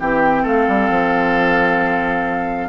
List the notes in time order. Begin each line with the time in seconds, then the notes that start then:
0.00 E3 C4 G4 G5
0.43 A3 A4 F5
0.68 G3
0.90 F3